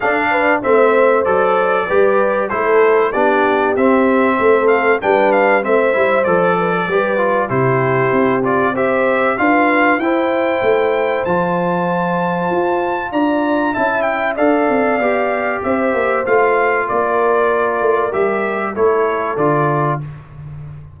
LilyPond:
<<
  \new Staff \with { instrumentName = "trumpet" } { \time 4/4 \tempo 4 = 96 f''4 e''4 d''2 | c''4 d''4 e''4. f''8 | g''8 f''8 e''4 d''2 | c''4. d''8 e''4 f''4 |
g''2 a''2~ | a''4 ais''4 a''8 g''8 f''4~ | f''4 e''4 f''4 d''4~ | d''4 e''4 cis''4 d''4 | }
  \new Staff \with { instrumentName = "horn" } { \time 4/4 a'8 b'8 c''2 b'4 | a'4 g'2 a'4 | b'4 c''4. b'16 a'16 b'4 | g'2 c''4 b'4 |
c''1~ | c''4 d''4 e''4 d''4~ | d''4 c''2 ais'4~ | ais'2 a'2 | }
  \new Staff \with { instrumentName = "trombone" } { \time 4/4 d'4 c'4 a'4 g'4 | e'4 d'4 c'2 | d'4 c'8 e'8 a'4 g'8 f'8 | e'4. f'8 g'4 f'4 |
e'2 f'2~ | f'2 e'4 a'4 | g'2 f'2~ | f'4 g'4 e'4 f'4 | }
  \new Staff \with { instrumentName = "tuba" } { \time 4/4 d'4 a4 fis4 g4 | a4 b4 c'4 a4 | g4 a8 g8 f4 g4 | c4 c'2 d'4 |
e'4 a4 f2 | f'4 d'4 cis'4 d'8 c'8 | b4 c'8 ais8 a4 ais4~ | ais8 a8 g4 a4 d4 | }
>>